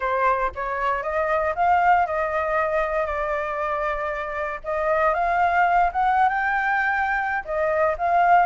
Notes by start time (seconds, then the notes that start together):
0.00 C5
0.55 C#5
1.02 D#5
1.55 F5
2.06 D#5
3.06 D5
4.64 D#5
5.14 F5
5.92 F#5
6.28 G5
7.44 D#5
7.98 F5